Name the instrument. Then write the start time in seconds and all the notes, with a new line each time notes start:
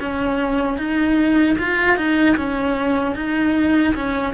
cello
0.00 C#4
0.78 D#4
1.58 F4
1.97 D#4
2.36 C#4
3.15 D#4
3.95 C#4